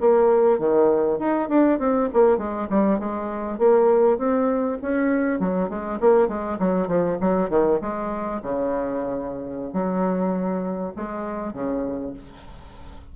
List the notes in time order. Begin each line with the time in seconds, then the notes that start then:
0.00 A#3
0.59 D#3
1.19 D#4
1.49 D4
1.79 C4
2.13 A#3
2.38 G#3
2.69 G3
2.99 G#3
3.58 A#3
4.18 C4
4.82 C#4
5.39 F#3
5.69 G#3
6.00 A#3
6.28 G#3
6.59 F#3
6.88 F3
7.21 F#3
7.49 D#3
7.81 G#3
8.42 C#3
9.73 F#3
10.96 G#3
11.53 C#3